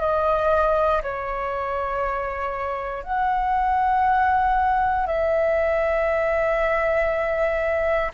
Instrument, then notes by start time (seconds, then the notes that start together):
flute
0.00 D#5
1.02 C#5
3.03 F#5
5.06 E5